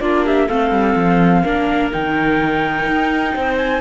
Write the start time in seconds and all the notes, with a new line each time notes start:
0.00 A#3 D4 F4 D5
0.25 G4 E5
0.46 A3 C4 A4 F5
0.71 G3
0.95 F3
1.43 A#3 D4 A#4
1.92 D#3 D#4 G5
2.86 D#4
3.34 C4 C5
3.57 G#5